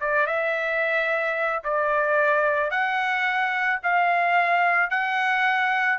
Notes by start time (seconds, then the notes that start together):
0.00 D5
0.26 E5
1.64 D5
2.70 F#5
3.83 F5
4.90 F#5